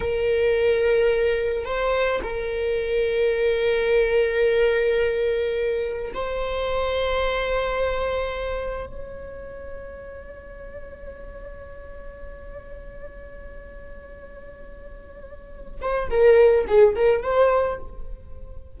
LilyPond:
\new Staff \with { instrumentName = "viola" } { \time 4/4 \tempo 4 = 108 ais'2. c''4 | ais'1~ | ais'2. c''4~ | c''1 |
cis''1~ | cis''1~ | cis''1~ | cis''8 c''8 ais'4 gis'8 ais'8 c''4 | }